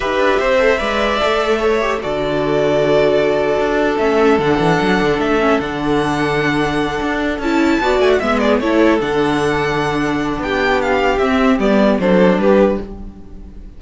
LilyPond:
<<
  \new Staff \with { instrumentName = "violin" } { \time 4/4 \tempo 4 = 150 e''1~ | e''4 d''2.~ | d''2 e''4 fis''4~ | fis''4 e''4 fis''2~ |
fis''2~ fis''8 a''4. | gis''16 fis''16 e''8 d''8 cis''4 fis''4.~ | fis''2 g''4 f''4 | e''4 d''4 c''4 b'4 | }
  \new Staff \with { instrumentName = "violin" } { \time 4/4 b'4 c''4 d''2 | cis''4 a'2.~ | a'1~ | a'1~ |
a'2.~ a'8 d''8~ | d''8 e''8 gis'8 a'2~ a'8~ | a'2 g'2~ | g'2 a'4 g'4 | }
  \new Staff \with { instrumentName = "viola" } { \time 4/4 g'4. a'8 b'4 a'4~ | a'8 g'8 fis'2.~ | fis'2 cis'4 d'4~ | d'4. cis'8 d'2~ |
d'2~ d'8 e'4 fis'8~ | fis'8 b4 e'4 d'4.~ | d'1 | c'4 b4 d'2 | }
  \new Staff \with { instrumentName = "cello" } { \time 4/4 dis'8 d'8 c'4 gis4 a4~ | a4 d2.~ | d4 d'4 a4 d8 e8 | fis8 d8 a4 d2~ |
d4. d'4 cis'4 b8 | a8 gis4 a4 d4.~ | d2 b2 | c'4 g4 fis4 g4 | }
>>